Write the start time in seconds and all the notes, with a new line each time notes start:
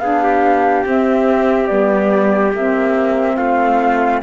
0.00 B3 D4 G#4 F5
0.23 G4
0.85 C4 E5
1.67 G3 B3 D5
2.53 A#3 C4 E5
3.37 A3 F4 F5